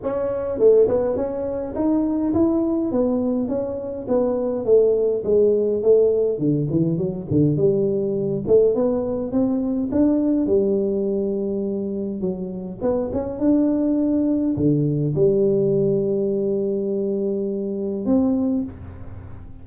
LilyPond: \new Staff \with { instrumentName = "tuba" } { \time 4/4 \tempo 4 = 103 cis'4 a8 b8 cis'4 dis'4 | e'4 b4 cis'4 b4 | a4 gis4 a4 d8 e8 | fis8 d8 g4. a8 b4 |
c'4 d'4 g2~ | g4 fis4 b8 cis'8 d'4~ | d'4 d4 g2~ | g2. c'4 | }